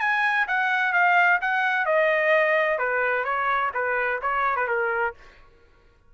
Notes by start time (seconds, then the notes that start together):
0.00 G#5
0.48 F#5
0.93 F5
1.41 F#5
1.85 D#5
2.78 B4
3.24 C#5
3.74 B4
4.21 C#5
4.56 B4
4.67 A#4